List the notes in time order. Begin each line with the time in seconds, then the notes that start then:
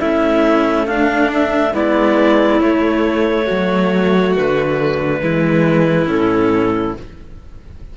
0.00 A3 C#4 E4 E5
0.86 D4 F5
1.34 E5
1.74 G#3 B3 E4 D5
2.60 A3 C#5
3.45 F#3 F#4
4.36 D3 B4
5.21 E3 G#3 E4
6.06 A2 C#4 A4